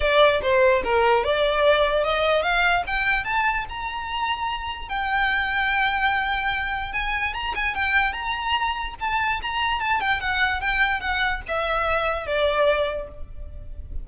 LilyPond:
\new Staff \with { instrumentName = "violin" } { \time 4/4 \tempo 4 = 147 d''4 c''4 ais'4 d''4~ | d''4 dis''4 f''4 g''4 | a''4 ais''2. | g''1~ |
g''4 gis''4 ais''8 gis''8 g''4 | ais''2 a''4 ais''4 | a''8 g''8 fis''4 g''4 fis''4 | e''2 d''2 | }